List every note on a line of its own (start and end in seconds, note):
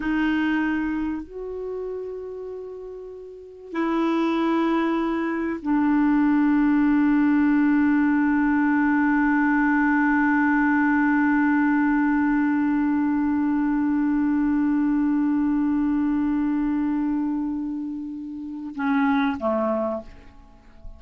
0.00 1.23 D#4
1.23 3.72 F#4
3.72 5.60 E4
5.62 18.74 D4
18.75 19.37 C#4
19.39 20.02 A3